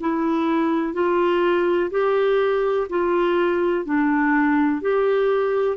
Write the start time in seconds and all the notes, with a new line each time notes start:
0.00 E4
0.93 F4
1.90 G4
2.89 F4
3.85 D4
4.81 G4